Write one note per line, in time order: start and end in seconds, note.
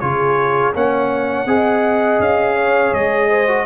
0.00 0.75 C#3
0.00 0.74 F4
0.00 0.74 G#4
0.00 0.73 C#5
0.74 1.46 A#3
0.74 1.47 C#4
0.74 1.47 C#5
0.74 2.22 F#5
1.46 2.19 C4
1.46 3.48 G#4
1.46 2.56 D#5
2.20 2.93 C#4
2.20 2.94 F5
2.56 3.29 C#5
2.93 3.66 G#3
2.93 3.66 D#5
3.29 3.66 C5
3.48 3.66 F#4